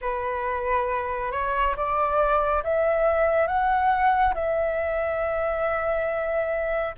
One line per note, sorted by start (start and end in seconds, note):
0.01 1.31 B4
1.31 1.75 C#5
1.76 2.63 D5
2.63 3.47 E5
3.47 4.34 F#5
4.34 6.95 E5